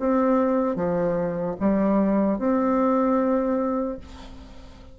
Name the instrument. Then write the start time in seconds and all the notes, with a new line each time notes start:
bassoon
0.00 C4
0.76 F3
1.60 G3
2.39 C4